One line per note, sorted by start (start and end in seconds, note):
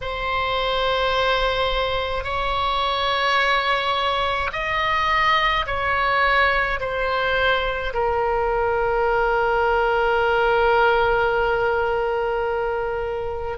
0.01 2.24 C5
2.24 4.50 C#5
4.52 5.66 D#5
5.66 6.79 C#5
6.79 7.92 C5
7.93 13.57 A#4